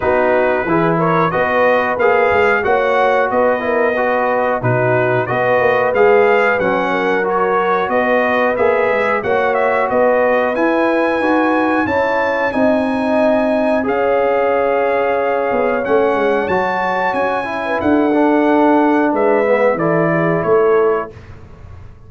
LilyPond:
<<
  \new Staff \with { instrumentName = "trumpet" } { \time 4/4 \tempo 4 = 91 b'4. cis''8 dis''4 f''4 | fis''4 dis''2 b'4 | dis''4 f''4 fis''4 cis''4 | dis''4 e''4 fis''8 e''8 dis''4 |
gis''2 a''4 gis''4~ | gis''4 f''2. | fis''4 a''4 gis''4 fis''4~ | fis''4 e''4 d''4 cis''4 | }
  \new Staff \with { instrumentName = "horn" } { \time 4/4 fis'4 gis'8 ais'8 b'2 | cis''4 b'8 ais'8 b'4 fis'4 | b'2~ b'8 ais'4. | b'2 cis''4 b'4~ |
b'2 cis''4 dis''4~ | dis''4 cis''2.~ | cis''2~ cis''8. b'16 a'4~ | a'4 b'4 a'8 gis'8 a'4 | }
  \new Staff \with { instrumentName = "trombone" } { \time 4/4 dis'4 e'4 fis'4 gis'4 | fis'4. e'8 fis'4 dis'4 | fis'4 gis'4 cis'4 fis'4~ | fis'4 gis'4 fis'2 |
e'4 fis'4 e'4 dis'4~ | dis'4 gis'2. | cis'4 fis'4. e'4 d'8~ | d'4. b8 e'2 | }
  \new Staff \with { instrumentName = "tuba" } { \time 4/4 b4 e4 b4 ais8 gis8 | ais4 b2 b,4 | b8 ais8 gis4 fis2 | b4 ais8 gis8 ais4 b4 |
e'4 dis'4 cis'4 c'4~ | c'4 cis'2~ cis'8 b8 | a8 gis8 fis4 cis'4 d'4~ | d'4 gis4 e4 a4 | }
>>